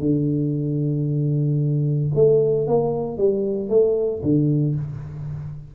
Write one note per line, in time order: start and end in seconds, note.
0.00 2.11 D3
2.15 2.67 A3
2.67 3.18 A#3
3.18 3.69 G3
3.69 4.22 A3
4.23 4.76 D3